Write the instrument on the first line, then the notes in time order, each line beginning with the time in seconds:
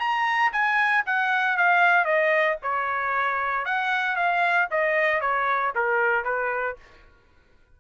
trumpet
0.00 A#5
0.53 G#5
1.06 F#5
1.57 F5
2.05 D#5
2.63 C#5
3.65 F#5
4.16 F5
4.71 D#5
5.21 C#5
5.76 A#4
6.25 B4